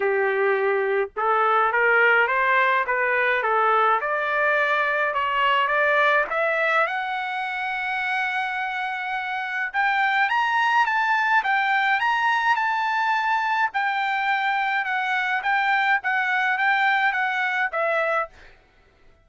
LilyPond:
\new Staff \with { instrumentName = "trumpet" } { \time 4/4 \tempo 4 = 105 g'2 a'4 ais'4 | c''4 b'4 a'4 d''4~ | d''4 cis''4 d''4 e''4 | fis''1~ |
fis''4 g''4 ais''4 a''4 | g''4 ais''4 a''2 | g''2 fis''4 g''4 | fis''4 g''4 fis''4 e''4 | }